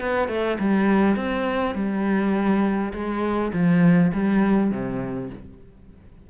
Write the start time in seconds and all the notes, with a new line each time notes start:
0.00 B3
0.28 A3
0.59 G3
1.16 C4
1.75 G3
2.93 G#3
3.53 F3
4.13 G3
4.71 C3